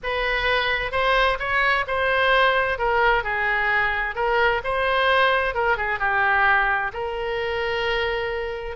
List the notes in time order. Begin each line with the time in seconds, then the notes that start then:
0.03 B4
0.91 C5
1.39 C#5
1.87 C5
2.78 A#4
3.23 G#4
4.15 A#4
4.64 C5
5.54 A#4
5.77 G#4
5.99 G4
6.93 A#4